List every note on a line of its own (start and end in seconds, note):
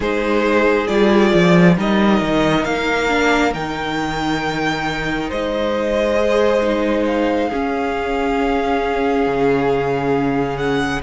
0.00 0.87 G#3
0.00 0.87 D#4
0.00 1.76 G#4
0.00 0.87 C5
0.87 1.33 G3
0.87 1.75 F4
0.87 1.75 D5
1.33 1.77 F3
1.77 2.20 G3
1.77 3.08 D#4
1.77 5.28 A#4
1.77 2.64 D#5
2.20 2.64 D#3
2.64 3.53 A#3
2.64 3.52 F5
3.08 3.52 D4
3.53 5.30 D#3
3.53 6.15 D#4
3.53 5.30 G5
5.28 7.51 G#3
5.28 7.49 C5
5.28 7.05 D#5
6.15 6.59 G#4
6.62 7.50 D#4
7.05 10.57 F5
7.49 11.02 C#4
7.49 9.26 C#4
7.49 11.02 G#4
9.26 11.02 C#3
10.57 11.01 F#5